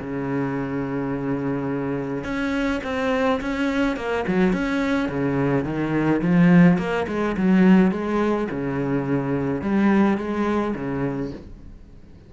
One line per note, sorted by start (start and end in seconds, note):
0.00 2.24 C#3
2.24 2.81 C#4
2.84 3.40 C4
3.41 3.96 C#4
3.96 4.25 A#3
4.28 4.53 F#3
4.53 5.09 C#4
5.09 5.65 C#3
5.65 6.21 D#3
6.22 6.78 F3
6.78 7.07 A#3
7.08 7.36 G#3
7.37 7.91 F#3
7.91 8.48 G#3
8.51 9.61 C#3
9.61 10.18 G3
10.18 10.74 G#3
10.75 11.32 C#3